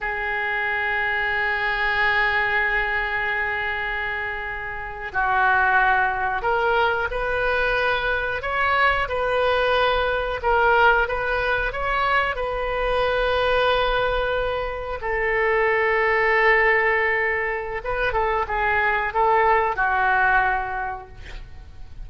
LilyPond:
\new Staff \with { instrumentName = "oboe" } { \time 4/4 \tempo 4 = 91 gis'1~ | gis'2.~ gis'8. fis'16~ | fis'4.~ fis'16 ais'4 b'4~ b'16~ | b'8. cis''4 b'2 ais'16~ |
ais'8. b'4 cis''4 b'4~ b'16~ | b'2~ b'8. a'4~ a'16~ | a'2. b'8 a'8 | gis'4 a'4 fis'2 | }